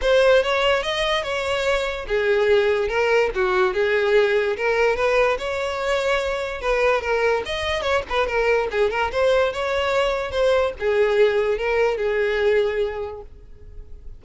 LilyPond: \new Staff \with { instrumentName = "violin" } { \time 4/4 \tempo 4 = 145 c''4 cis''4 dis''4 cis''4~ | cis''4 gis'2 ais'4 | fis'4 gis'2 ais'4 | b'4 cis''2. |
b'4 ais'4 dis''4 cis''8 b'8 | ais'4 gis'8 ais'8 c''4 cis''4~ | cis''4 c''4 gis'2 | ais'4 gis'2. | }